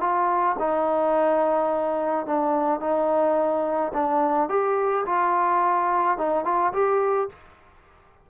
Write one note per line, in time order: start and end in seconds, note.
0.00 0.56 F4
0.59 2.26 D#4
2.26 2.80 D4
2.80 3.92 D#4
3.93 4.49 D4
4.49 5.05 G4
5.05 6.18 F4
6.18 6.44 D#4
6.44 6.72 F4
6.73 7.29 G4